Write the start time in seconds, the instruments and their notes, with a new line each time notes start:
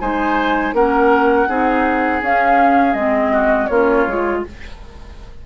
0.00 bassoon G#3, clarinet D#4, oboe C5, flute G#5
0.73 bassoon A#3, clarinet C#4, oboe A#4, flute F#5
1.48 bassoon C4, clarinet D#4, oboe G#4
2.21 bassoon C#4, clarinet C#4, flute F5
2.94 bassoon G#3, clarinet C4, flute D#5
3.33 oboe F#4
3.67 bassoon A#3, clarinet C#4, oboe F4, flute C#5
4.07 bassoon G#3, clarinet F4